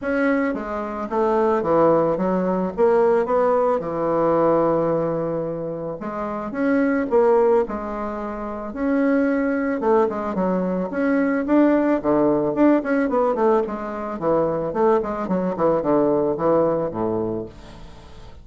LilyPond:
\new Staff \with { instrumentName = "bassoon" } { \time 4/4 \tempo 4 = 110 cis'4 gis4 a4 e4 | fis4 ais4 b4 e4~ | e2. gis4 | cis'4 ais4 gis2 |
cis'2 a8 gis8 fis4 | cis'4 d'4 d4 d'8 cis'8 | b8 a8 gis4 e4 a8 gis8 | fis8 e8 d4 e4 a,4 | }